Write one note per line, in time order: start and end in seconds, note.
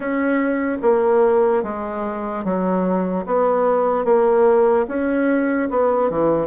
0.00 0.77 C#4
0.81 1.63 A#3
1.63 2.44 G#3
2.44 3.25 F#3
3.25 4.04 B3
4.04 4.85 A#3
4.88 5.69 C#4
5.70 6.10 B3
6.10 6.47 E3